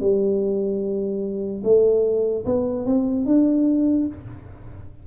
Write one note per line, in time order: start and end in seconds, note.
0.00 1.62 G3
1.64 2.45 A3
2.45 2.86 B3
2.86 3.26 C4
3.26 4.07 D4